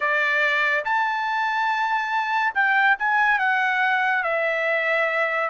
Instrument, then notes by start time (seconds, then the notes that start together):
trumpet
0.00 D5
0.85 A5
2.54 G5
2.98 G#5
3.38 F#5
4.23 E5